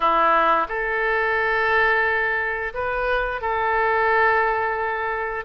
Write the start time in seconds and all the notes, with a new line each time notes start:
0.00 E4
0.68 A4
2.74 B4
3.41 A4